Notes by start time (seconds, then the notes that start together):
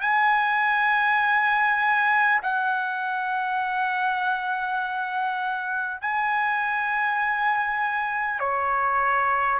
0.00 G#5
2.42 F#5
6.01 G#5
8.39 C#5